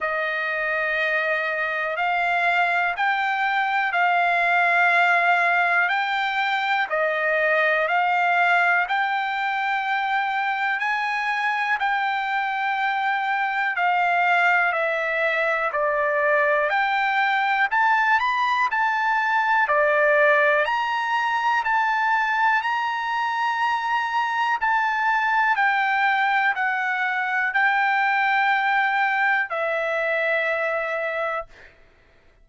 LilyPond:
\new Staff \with { instrumentName = "trumpet" } { \time 4/4 \tempo 4 = 61 dis''2 f''4 g''4 | f''2 g''4 dis''4 | f''4 g''2 gis''4 | g''2 f''4 e''4 |
d''4 g''4 a''8 b''8 a''4 | d''4 ais''4 a''4 ais''4~ | ais''4 a''4 g''4 fis''4 | g''2 e''2 | }